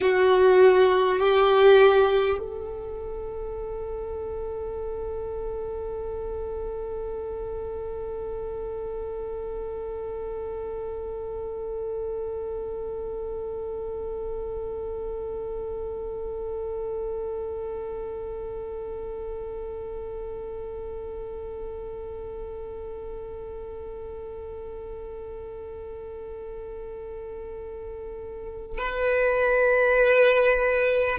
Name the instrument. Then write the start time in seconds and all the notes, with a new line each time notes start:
violin
0.00 F#4
1.18 G4
2.39 A4
28.78 B4